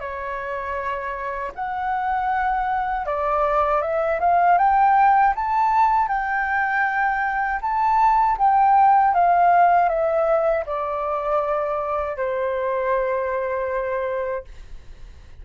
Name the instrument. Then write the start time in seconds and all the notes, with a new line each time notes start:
flute
0.00 C#5
1.55 F#5
3.06 D5
3.82 E5
4.20 F5
4.58 G5
5.35 A5
6.08 G5
7.62 A5
8.39 G5
9.14 F5
9.89 E5
10.66 D5
12.17 C5